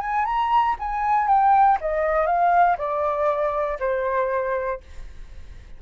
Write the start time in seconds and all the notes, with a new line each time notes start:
0.00 G#5
0.25 A#5
0.79 G#5
1.27 G5
1.80 D#5
2.26 F5
2.77 D5
3.79 C5